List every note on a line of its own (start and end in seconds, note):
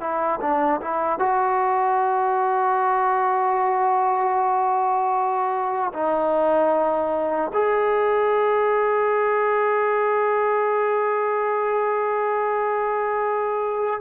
0.00 0.39 E4
0.41 0.80 D4
0.80 1.19 E4
1.19 5.92 F#4
5.93 7.51 D#4
7.53 14.00 G#4